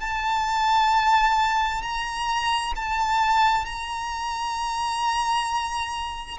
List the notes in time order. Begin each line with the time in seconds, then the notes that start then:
0.00 A5
1.82 A#5
2.76 A5
3.65 A#5